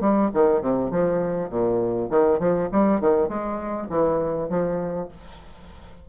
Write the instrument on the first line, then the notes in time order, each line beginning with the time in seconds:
bassoon
0.00 G3
0.33 D#3
0.61 C3
0.90 F3
1.49 A#2
2.10 D#3
2.39 F3
2.72 G3
3.00 D#3
3.28 G#3
3.89 E3
4.49 F3